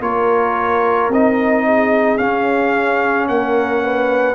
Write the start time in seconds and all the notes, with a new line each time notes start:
0.00 A#3 F4 A#4 C#5
1.09 C4 D#4 D#5
1.66 G#4
2.18 C#4 F5
3.28 A#3 A#4 F#5
3.83 B4